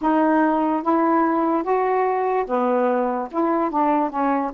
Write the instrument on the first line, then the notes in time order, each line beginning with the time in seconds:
saxophone
0.01 D#4
0.83 E4
1.63 F#4
2.46 B3
3.31 E4
3.70 D4
4.10 C#4